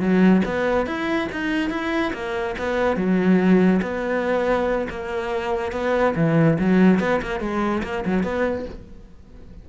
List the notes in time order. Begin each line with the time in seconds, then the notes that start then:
0.00 F#3
0.45 B3
0.86 E4
1.32 D#4
1.70 E4
2.13 A#3
2.58 B3
2.97 F#3
3.82 B3
4.90 A#3
5.72 B3
6.16 E3
6.60 F#3
7.00 B3
7.22 A#3
7.40 G#3
7.83 A#3
8.06 F#3
8.23 B3